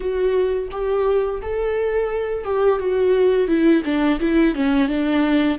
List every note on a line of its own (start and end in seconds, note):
0.00 0.68 F#4
0.71 1.40 G4
1.41 2.44 A4
2.44 2.79 G4
2.79 3.47 F#4
3.47 3.82 E4
3.84 4.19 D4
4.20 4.54 E4
4.54 4.88 C#4
4.88 5.58 D4